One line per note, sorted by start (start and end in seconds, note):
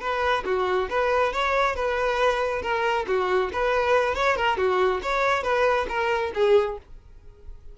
0.00 0.43 B4
0.45 0.88 F#4
0.89 1.32 B4
1.32 1.75 C#5
1.75 2.62 B4
2.62 3.05 A#4
3.07 3.50 F#4
3.52 4.14 B4
4.14 4.36 C#5
4.36 4.57 A#4
4.57 5.00 F#4
5.02 5.43 C#5
5.43 5.86 B4
5.88 6.32 A#4
6.34 6.77 G#4